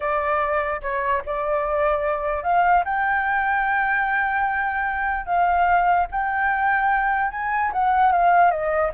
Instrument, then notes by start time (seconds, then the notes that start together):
flute
0.00 D5
0.81 C#5
1.25 D5
2.43 F5
2.84 G5
5.26 F5
6.11 G5
7.30 G#5
7.72 F#5
8.12 F5
8.50 D#5